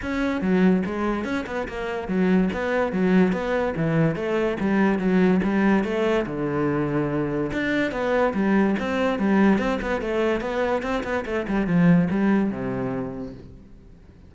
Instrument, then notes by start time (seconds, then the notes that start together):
cello
0.02 C#4
0.41 F#3
0.85 G#3
1.24 C#4
1.46 B3
1.67 A#3
2.08 F#3
2.53 B3
2.92 F#3
3.32 B3
3.76 E3
4.15 A3
4.59 G3
4.98 F#3
5.43 G3
5.84 A3
6.26 D3
7.52 D4
7.91 B3
8.33 G3
8.79 C4
9.18 G3
9.58 C4
9.81 B3
10.01 A3
10.40 B3
10.82 C4
11.03 B3
11.25 A3
11.48 G3
11.66 F3
12.10 G3
12.50 C3